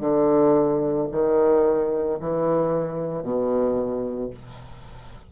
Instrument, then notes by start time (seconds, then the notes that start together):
bassoon
0.00 D3
1.12 D#3
2.20 E3
3.23 B2